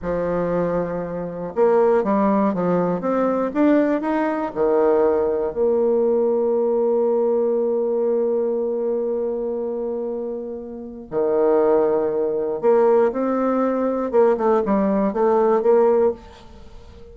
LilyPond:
\new Staff \with { instrumentName = "bassoon" } { \time 4/4 \tempo 4 = 119 f2. ais4 | g4 f4 c'4 d'4 | dis'4 dis2 ais4~ | ais1~ |
ais1~ | ais2 dis2~ | dis4 ais4 c'2 | ais8 a8 g4 a4 ais4 | }